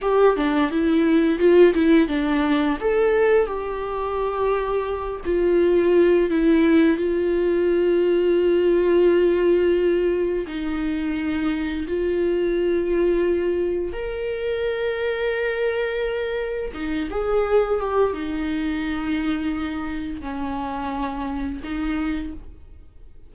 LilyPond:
\new Staff \with { instrumentName = "viola" } { \time 4/4 \tempo 4 = 86 g'8 d'8 e'4 f'8 e'8 d'4 | a'4 g'2~ g'8 f'8~ | f'4 e'4 f'2~ | f'2. dis'4~ |
dis'4 f'2. | ais'1 | dis'8 gis'4 g'8 dis'2~ | dis'4 cis'2 dis'4 | }